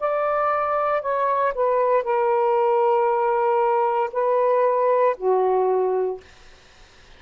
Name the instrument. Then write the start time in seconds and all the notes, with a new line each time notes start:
saxophone
0.00 D5
1.03 C#5
1.55 B4
2.04 A#4
4.13 B4
5.18 F#4